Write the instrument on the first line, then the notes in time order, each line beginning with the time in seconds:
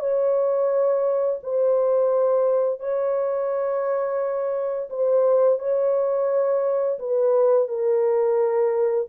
horn
0.00 C#5
1.43 C5
2.80 C#5
4.90 C5
5.59 C#5
6.99 B4
7.68 A#4